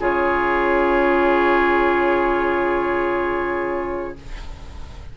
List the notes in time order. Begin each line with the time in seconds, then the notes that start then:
0.00 C#3 F4 G#4 C#5